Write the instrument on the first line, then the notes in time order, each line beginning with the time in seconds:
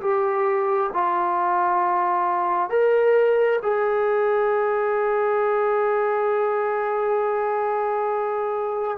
trombone
0.00 G4
0.93 F4
2.69 A#4
3.62 G#4